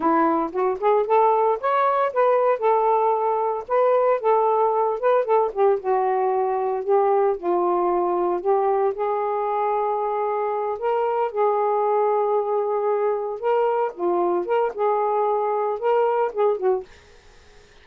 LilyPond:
\new Staff \with { instrumentName = "saxophone" } { \time 4/4 \tempo 4 = 114 e'4 fis'8 gis'8 a'4 cis''4 | b'4 a'2 b'4 | a'4. b'8 a'8 g'8 fis'4~ | fis'4 g'4 f'2 |
g'4 gis'2.~ | gis'8 ais'4 gis'2~ gis'8~ | gis'4. ais'4 f'4 ais'8 | gis'2 ais'4 gis'8 fis'8 | }